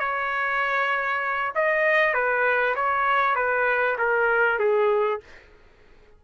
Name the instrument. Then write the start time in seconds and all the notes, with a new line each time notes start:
trumpet
0.00 C#5
1.56 D#5
2.14 B4
2.76 C#5
3.36 B4
3.99 A#4
4.59 G#4